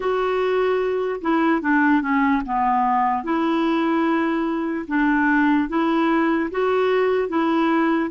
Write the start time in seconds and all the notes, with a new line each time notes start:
0.00 F#4
1.21 E4
1.61 D4
2.01 C#4
2.45 B3
3.23 E4
4.87 D4
5.68 E4
6.50 F#4
7.29 E4